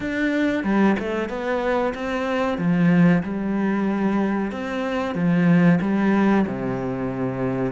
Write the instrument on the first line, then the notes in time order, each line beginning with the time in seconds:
cello
0.00 D4
0.63 G3
0.99 A3
1.29 B3
1.94 C4
2.58 F3
3.23 G3
4.51 C4
5.14 F3
5.81 G3
6.46 C3